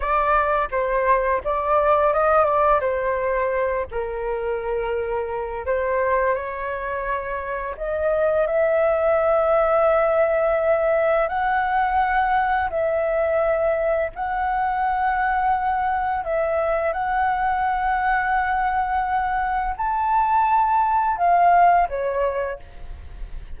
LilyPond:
\new Staff \with { instrumentName = "flute" } { \time 4/4 \tempo 4 = 85 d''4 c''4 d''4 dis''8 d''8 | c''4. ais'2~ ais'8 | c''4 cis''2 dis''4 | e''1 |
fis''2 e''2 | fis''2. e''4 | fis''1 | a''2 f''4 cis''4 | }